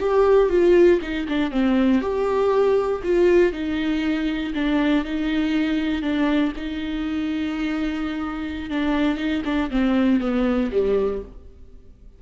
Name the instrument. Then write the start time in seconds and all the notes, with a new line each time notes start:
viola
0.00 G4
0.50 F4
1.02 D#4
1.29 D4
1.51 C4
2.01 G4
3.03 F4
3.52 D#4
4.54 D4
5.05 D#4
6.02 D4
6.56 D#4
8.70 D4
9.17 D#4
9.45 D4
9.70 C4
10.20 B3
10.72 G3